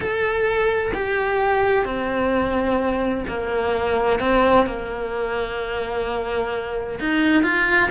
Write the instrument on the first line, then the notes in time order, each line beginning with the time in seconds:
cello
0.00 A4
0.93 G4
1.85 C4
3.27 A#3
4.19 C4
4.66 A#3
6.99 D#4
7.43 F4